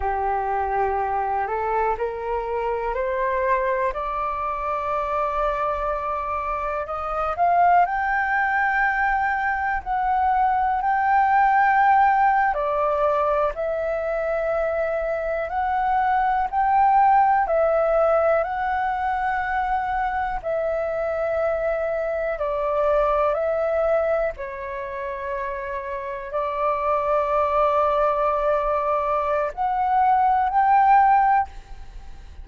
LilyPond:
\new Staff \with { instrumentName = "flute" } { \time 4/4 \tempo 4 = 61 g'4. a'8 ais'4 c''4 | d''2. dis''8 f''8 | g''2 fis''4 g''4~ | g''8. d''4 e''2 fis''16~ |
fis''8. g''4 e''4 fis''4~ fis''16~ | fis''8. e''2 d''4 e''16~ | e''8. cis''2 d''4~ d''16~ | d''2 fis''4 g''4 | }